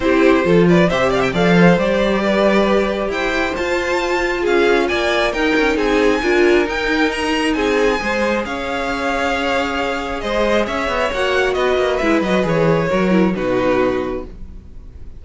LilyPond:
<<
  \new Staff \with { instrumentName = "violin" } { \time 4/4 \tempo 4 = 135 c''4. d''8 e''8 f''16 g''16 f''4 | d''2. g''4 | a''2 f''4 gis''4 | g''4 gis''2 g''4 |
ais''4 gis''2 f''4~ | f''2. dis''4 | e''4 fis''4 dis''4 e''8 dis''8 | cis''2 b'2 | }
  \new Staff \with { instrumentName = "violin" } { \time 4/4 g'4 a'8 b'8 c''8 d''16 e''16 d''8 c''8~ | c''4 b'2 c''4~ | c''2 gis'4 d''4 | ais'4 gis'4 ais'2~ |
ais'4 gis'4 c''4 cis''4~ | cis''2. c''4 | cis''2 b'2~ | b'4 ais'4 fis'2 | }
  \new Staff \with { instrumentName = "viola" } { \time 4/4 e'4 f'4 g'4 a'4 | g'1 | f'1 | dis'2 f'4 dis'4~ |
dis'2 gis'2~ | gis'1~ | gis'4 fis'2 e'8 fis'8 | gis'4 fis'8 e'8 dis'2 | }
  \new Staff \with { instrumentName = "cello" } { \time 4/4 c'4 f4 c4 f4 | g2. e'4 | f'2 cis'4 ais4 | dis'8 cis'8 c'4 d'4 dis'4~ |
dis'4 c'4 gis4 cis'4~ | cis'2. gis4 | cis'8 b8 ais4 b8 ais8 gis8 fis8 | e4 fis4 b,2 | }
>>